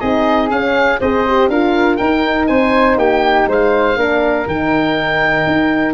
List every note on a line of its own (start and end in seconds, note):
0.00 0.51 C4
0.00 0.50 D#4
0.00 1.00 G#4
0.00 0.50 D#5
0.50 1.00 C#4
0.50 1.01 C#4
0.50 1.01 F5
1.00 1.49 C4
1.00 1.27 G#4
1.00 1.50 C5
1.00 1.50 D#5
1.27 1.52 G4
1.49 1.98 D4
1.49 2.01 F4
1.49 2.49 A#4
1.49 1.97 F5
1.97 2.49 D#4
1.97 3.97 D#4
1.97 2.47 G5
2.47 2.97 C4
2.47 2.98 C5
2.47 2.97 G#5
2.97 3.46 A#3
2.97 3.48 G4
2.97 3.49 G5
3.47 3.96 G#3
3.47 3.98 C5
3.47 4.48 F5
3.96 4.46 A#3
3.96 4.47 D4
3.96 5.94 A#4
4.47 5.46 D#3
4.47 5.94 D#4
4.47 5.94 G5
5.47 5.94 D#4